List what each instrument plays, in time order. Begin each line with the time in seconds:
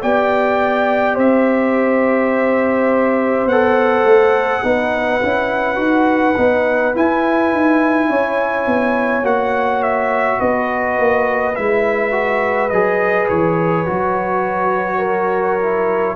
0.00 tuba B3, trombone G4, horn D5, trumpet G5
1.14 tuba C4, horn C5, trumpet E5
3.45 tuba B3, trombone A4, trumpet F#5
4.04 tuba A3
4.63 tuba B3, trombone D#4, horn B4
5.22 tuba C#4, trombone E4
5.75 tuba D#4, trombone F#4
6.37 tuba B3, trombone D#4
6.94 trombone E4, tuba E4, trumpet G#5
7.52 tuba D#4
8.09 tuba C#4, horn C#5
8.66 tuba B3
9.23 tuba A#3, trombone F#4, trumpet F#5
9.82 trumpet E5
10.39 tuba B3, horn B4, trumpet D#5
10.98 tuba A#3
11.55 tuba G#3, trombone E4, trumpet E5
12.11 trombone F#4
12.69 tuba F#3, trombone G#4, trumpet D#5
13.28 tuba E3, trumpet C#5
13.86 tuba F#3, trombone F#4
14.98 horn A#4
15.59 trombone E4